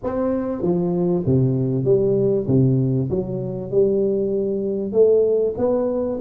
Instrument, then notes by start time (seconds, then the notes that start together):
tuba
0.03 C4
0.62 F3
1.25 C3
1.84 G3
2.47 C3
3.10 F#3
3.70 G3
4.92 A3
5.57 B3